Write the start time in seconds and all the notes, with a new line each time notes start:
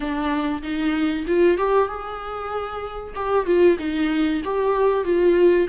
0.00 D4
0.62 D#4
1.27 F4
1.57 G4
1.87 G#4
3.15 G4
3.46 F4
3.78 D#4
4.44 G4
5.04 F4